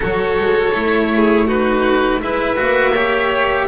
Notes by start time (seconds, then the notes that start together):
0.00 F#3 F#4 A4 C#5
0.38 G#3
0.73 A3 E4
1.15 G#4
1.46 D#4 F#4 B4
2.21 G#3 E4 B4 E5
2.56 A#3 F#4
2.93 G4 C#5